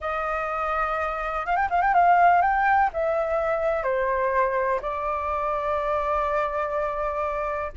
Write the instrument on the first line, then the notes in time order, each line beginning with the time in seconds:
flute
0.00 D#5
1.46 F5
1.56 G5
1.70 F5
1.81 G5
1.94 F5
2.41 G5
2.93 E5
3.83 C5
4.81 D5